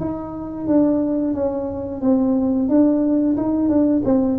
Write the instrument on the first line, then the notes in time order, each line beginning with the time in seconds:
tuba
0.00 D#4
0.67 D4
1.34 C#4
2.01 C4
2.69 D4
3.37 D#4
3.68 D4
4.05 C4